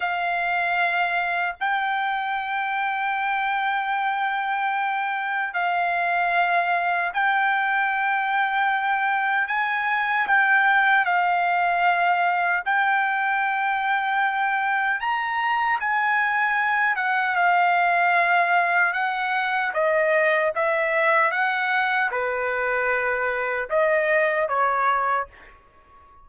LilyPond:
\new Staff \with { instrumentName = "trumpet" } { \time 4/4 \tempo 4 = 76 f''2 g''2~ | g''2. f''4~ | f''4 g''2. | gis''4 g''4 f''2 |
g''2. ais''4 | gis''4. fis''8 f''2 | fis''4 dis''4 e''4 fis''4 | b'2 dis''4 cis''4 | }